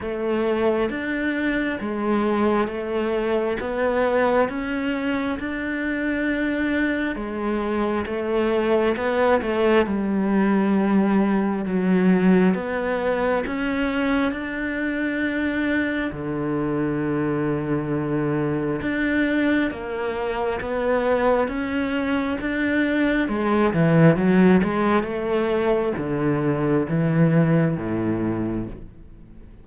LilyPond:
\new Staff \with { instrumentName = "cello" } { \time 4/4 \tempo 4 = 67 a4 d'4 gis4 a4 | b4 cis'4 d'2 | gis4 a4 b8 a8 g4~ | g4 fis4 b4 cis'4 |
d'2 d2~ | d4 d'4 ais4 b4 | cis'4 d'4 gis8 e8 fis8 gis8 | a4 d4 e4 a,4 | }